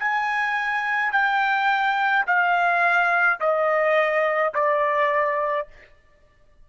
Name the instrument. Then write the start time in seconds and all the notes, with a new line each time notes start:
trumpet
0.00 G#5
1.13 G5
2.27 F5
3.41 D#5
4.54 D5